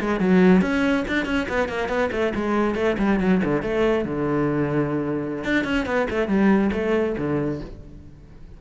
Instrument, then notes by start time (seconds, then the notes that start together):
cello
0.00 G#3
0.20 F#3
0.61 C#4
1.08 D4
1.25 C#4
1.48 B3
1.69 A#3
1.88 B3
2.11 A3
2.35 G#3
2.75 A3
2.98 G3
3.19 F#3
3.44 D3
3.62 A3
4.05 D3
5.44 D4
5.64 C#4
5.85 B3
6.10 A3
6.27 G3
6.72 A3
7.18 D3